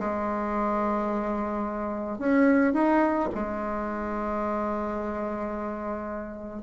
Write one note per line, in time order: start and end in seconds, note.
0.00 2.19 G#3
2.19 2.74 C#4
2.74 3.30 D#4
3.35 6.63 G#3